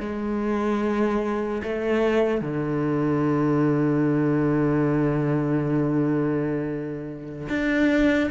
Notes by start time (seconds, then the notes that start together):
0.00 G#3
1.63 A3
2.41 D3
7.49 D4